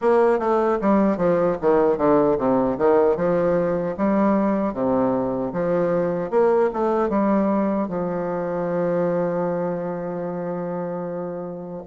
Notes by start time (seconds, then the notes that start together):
0.01 A#3
0.39 A3
0.81 G3
1.17 F3
1.61 D#3
1.97 D3
2.38 C3
2.77 D#3
3.16 F3
3.97 G3
4.73 C3
5.53 F3
6.30 A#3
6.73 A3
7.09 G3
7.88 F3